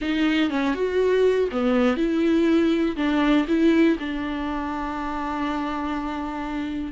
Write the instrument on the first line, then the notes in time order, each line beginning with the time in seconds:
viola
0.01 D#4
0.50 C#4
0.74 F#4
1.51 B3
1.97 E4
2.96 D4
3.48 E4
3.99 D4